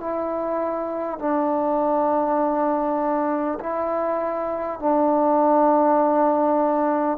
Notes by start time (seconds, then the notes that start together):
0.00 E4
1.19 D4
3.60 E4
4.79 D4